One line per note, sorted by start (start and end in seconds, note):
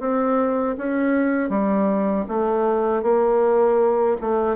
0.00 0.76 C4
0.78 1.49 C#4
1.49 2.25 G3
2.29 3.03 A3
3.03 4.17 A#3
4.21 4.56 A3